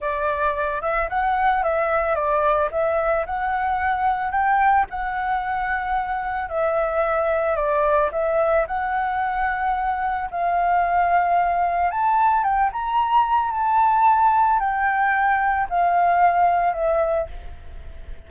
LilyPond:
\new Staff \with { instrumentName = "flute" } { \time 4/4 \tempo 4 = 111 d''4. e''8 fis''4 e''4 | d''4 e''4 fis''2 | g''4 fis''2. | e''2 d''4 e''4 |
fis''2. f''4~ | f''2 a''4 g''8 ais''8~ | ais''4 a''2 g''4~ | g''4 f''2 e''4 | }